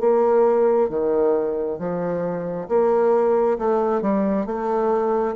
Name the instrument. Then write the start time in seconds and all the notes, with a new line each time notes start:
bassoon
0.00 A#3
0.90 D#3
1.79 F3
2.69 A#3
3.59 A3
4.02 G3
4.46 A3